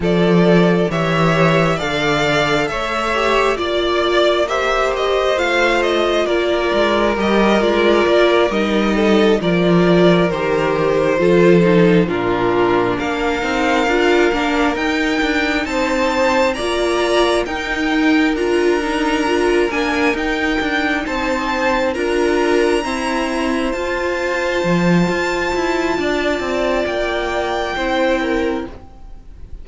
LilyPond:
<<
  \new Staff \with { instrumentName = "violin" } { \time 4/4 \tempo 4 = 67 d''4 e''4 f''4 e''4 | d''4 e''8 dis''8 f''8 dis''8 d''4 | dis''8 d''4 dis''4 d''4 c''8~ | c''4. ais'4 f''4.~ |
f''8 g''4 a''4 ais''4 g''8~ | g''8 ais''4. gis''8 g''4 a''8~ | a''8 ais''2 a''4.~ | a''2 g''2 | }
  \new Staff \with { instrumentName = "violin" } { \time 4/4 a'4 cis''4 d''4 cis''4 | d''4 c''2 ais'4~ | ais'2 a'8 ais'4.~ | ais'8 a'4 f'4 ais'4.~ |
ais'4. c''4 d''4 ais'8~ | ais'2.~ ais'8 c''8~ | c''8 ais'4 c''2~ c''8~ | c''4 d''2 c''8 ais'8 | }
  \new Staff \with { instrumentName = "viola" } { \time 4/4 f'4 g'4 a'4. g'8 | f'4 g'4 f'2 | g'8 f'4 dis'4 f'4 g'8~ | g'8 f'8 dis'8 d'4. dis'8 f'8 |
d'8 dis'2 f'4 dis'8~ | dis'8 f'8 dis'8 f'8 d'8 dis'4.~ | dis'8 f'4 c'4 f'4.~ | f'2. e'4 | }
  \new Staff \with { instrumentName = "cello" } { \time 4/4 f4 e4 d4 a4 | ais2 a4 ais8 gis8 | g8 gis8 ais8 g4 f4 dis8~ | dis8 f4 ais,4 ais8 c'8 d'8 |
ais8 dis'8 d'8 c'4 ais4 dis'8~ | dis'8 d'4. ais8 dis'8 d'8 c'8~ | c'8 d'4 e'4 f'4 f8 | f'8 e'8 d'8 c'8 ais4 c'4 | }
>>